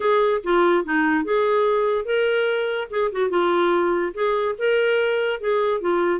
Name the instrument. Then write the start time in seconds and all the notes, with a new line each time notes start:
clarinet
0.00 G#4
0.43 F4
0.85 D#4
1.24 G#4
2.05 A#4
2.90 G#4
3.11 F#4
3.30 F4
4.14 G#4
4.58 A#4
5.40 G#4
5.80 F4